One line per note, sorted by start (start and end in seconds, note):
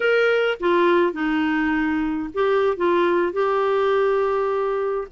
0.00 0.57 A#4
0.60 1.13 F4
1.13 2.29 D#4
2.34 2.76 G4
2.76 3.33 F4
3.33 5.07 G4